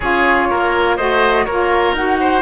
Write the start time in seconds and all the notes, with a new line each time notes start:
0.00 C#4 F4 G#4 C#5
0.50 A#3 A#4
0.96 A3 F#4 C5 D#5
1.45 A#3 F4 A#4 C#5
1.92 D#4 F#4 F#5
2.20 C5